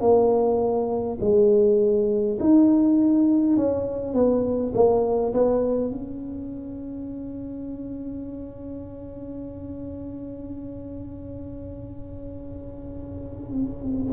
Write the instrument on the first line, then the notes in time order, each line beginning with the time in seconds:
tuba
0.00 A#3
1.20 G#3
2.40 D#4
3.56 C#4
4.13 B3
4.74 A#3
5.33 B3
5.91 C#4